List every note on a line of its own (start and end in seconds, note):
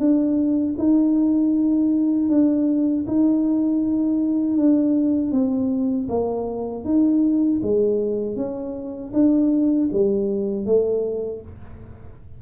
0.00 0.76 D4
0.79 2.30 D#4
2.30 3.06 D4
3.08 4.57 D#4
4.57 5.32 D4
5.32 6.08 C4
6.10 6.85 A#3
6.85 7.61 D#4
7.63 8.36 G#3
8.36 9.12 C#4
9.13 9.89 D4
9.93 10.66 G3
10.66 11.42 A3